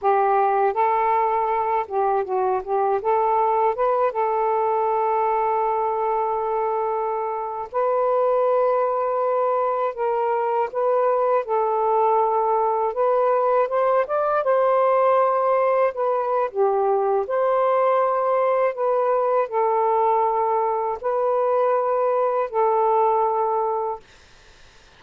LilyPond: \new Staff \with { instrumentName = "saxophone" } { \time 4/4 \tempo 4 = 80 g'4 a'4. g'8 fis'8 g'8 | a'4 b'8 a'2~ a'8~ | a'2~ a'16 b'4.~ b'16~ | b'4~ b'16 ais'4 b'4 a'8.~ |
a'4~ a'16 b'4 c''8 d''8 c''8.~ | c''4~ c''16 b'8. g'4 c''4~ | c''4 b'4 a'2 | b'2 a'2 | }